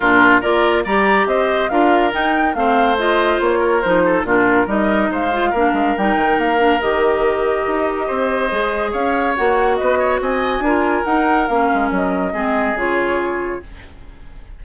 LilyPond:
<<
  \new Staff \with { instrumentName = "flute" } { \time 4/4 \tempo 4 = 141 ais'4 d''4 ais''4 dis''4 | f''4 g''4 f''4 dis''4 | cis''4 c''4 ais'4 dis''4 | f''2 g''4 f''4 |
dis''1~ | dis''4 f''4 fis''4 dis''4 | gis''2 fis''4 f''4 | dis''2 cis''2 | }
  \new Staff \with { instrumentName = "oboe" } { \time 4/4 f'4 ais'4 d''4 c''4 | ais'2 c''2~ | c''8 ais'4 a'8 f'4 ais'4 | c''4 ais'2.~ |
ais'2. c''4~ | c''4 cis''2 b'8 cis''8 | dis''4 ais'2.~ | ais'4 gis'2. | }
  \new Staff \with { instrumentName = "clarinet" } { \time 4/4 d'4 f'4 g'2 | f'4 dis'4 c'4 f'4~ | f'4 dis'4 d'4 dis'4~ | dis'8 f'8 d'4 dis'4. d'8 |
g'1 | gis'2 fis'2~ | fis'4 f'4 dis'4 cis'4~ | cis'4 c'4 f'2 | }
  \new Staff \with { instrumentName = "bassoon" } { \time 4/4 ais,4 ais4 g4 c'4 | d'4 dis'4 a2 | ais4 f4 ais,4 g4 | gis4 ais8 gis8 g8 dis8 ais4 |
dis2 dis'4 c'4 | gis4 cis'4 ais4 b4 | c'4 d'4 dis'4 ais8 gis8 | fis4 gis4 cis2 | }
>>